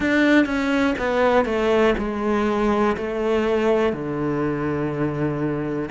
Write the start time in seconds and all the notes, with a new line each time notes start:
0.00 D4
0.45 C#4
0.98 B3
1.45 A3
1.98 G#3
2.96 A3
3.93 D3